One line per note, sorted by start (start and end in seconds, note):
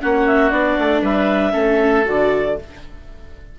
0.00 0.51 A#3
0.00 0.51 C#4
0.00 1.01 F#4
0.00 0.26 F#5
0.26 0.50 E5
0.50 0.77 B3
0.50 1.52 D4
0.50 1.01 D5
0.78 1.01 A3
1.01 1.53 G3
1.01 1.52 B4
1.01 2.06 E5
1.52 2.06 A3
1.52 2.03 C#4
1.52 2.55 A4
2.05 2.58 D3
2.05 2.57 F#4
2.05 2.59 D5